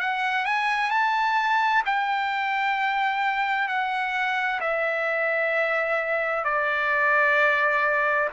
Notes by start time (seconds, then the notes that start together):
0.00 F#5
0.45 G#5
0.91 A5
1.85 G5
3.68 F#5
4.61 E5
6.44 D5